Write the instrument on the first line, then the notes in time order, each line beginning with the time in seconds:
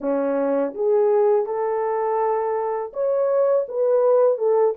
horn
0.00 C#4
0.74 G#4
1.46 A4
2.93 C#5
3.68 B4
4.37 A4